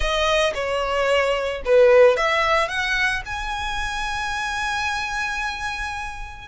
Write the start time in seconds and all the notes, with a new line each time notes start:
0.00 D#5
0.54 C#5
1.65 B4
2.16 E5
2.68 F#5
3.25 G#5